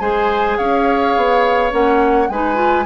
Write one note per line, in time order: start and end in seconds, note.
0.00 0.57 G#3
0.00 1.71 G#4
0.00 0.57 C5
0.00 0.57 G#5
0.57 1.16 C#4
0.57 2.29 C#5
0.57 1.71 F5
1.16 1.72 B3
1.71 2.29 A#3
1.71 2.28 C#4
1.71 2.30 F#5
2.29 2.85 G#3
2.29 2.55 D#4
2.29 2.85 B4
2.29 2.85 G#5
2.55 2.83 F4